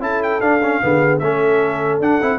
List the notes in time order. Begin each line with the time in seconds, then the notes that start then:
0.00 C#4 E4 A4 A5
0.23 G5
0.40 D4 F5
0.63 C#4
0.81 D3 B3 G#4
1.19 A3 C#4 A4 E5
2.00 D4 F#5
2.21 C4 E4